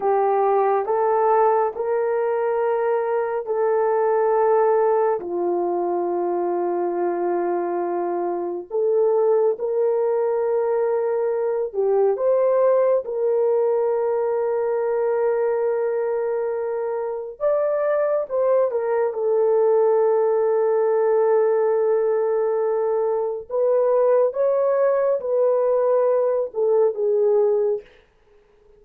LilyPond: \new Staff \with { instrumentName = "horn" } { \time 4/4 \tempo 4 = 69 g'4 a'4 ais'2 | a'2 f'2~ | f'2 a'4 ais'4~ | ais'4. g'8 c''4 ais'4~ |
ais'1 | d''4 c''8 ais'8 a'2~ | a'2. b'4 | cis''4 b'4. a'8 gis'4 | }